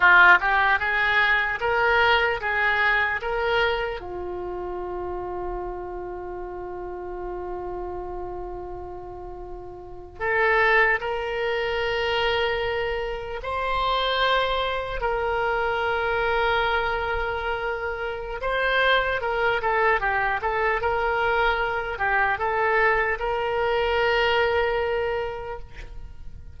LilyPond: \new Staff \with { instrumentName = "oboe" } { \time 4/4 \tempo 4 = 75 f'8 g'8 gis'4 ais'4 gis'4 | ais'4 f'2.~ | f'1~ | f'8. a'4 ais'2~ ais'16~ |
ais'8. c''2 ais'4~ ais'16~ | ais'2. c''4 | ais'8 a'8 g'8 a'8 ais'4. g'8 | a'4 ais'2. | }